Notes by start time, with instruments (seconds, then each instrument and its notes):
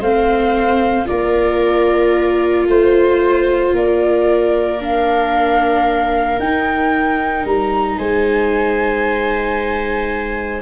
0.00 tuba A3, viola C4 C5, flute F5
1.05 tuba A#3, viola F4 A#4, flute D5
2.68 tuba A3, viola C5, flute C5
3.72 tuba A#3, viola A#4, flute D5
4.80 viola D4, flute F5
6.39 tuba D#4, viola D#4, flute G5
7.45 tuba G3, flute A#5
7.97 tuba G#3, viola C5, flute G#5